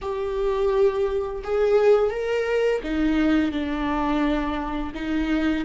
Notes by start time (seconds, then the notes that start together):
0.01 G4
1.43 G#4
2.10 A#4
2.83 D#4
3.51 D4
4.94 D#4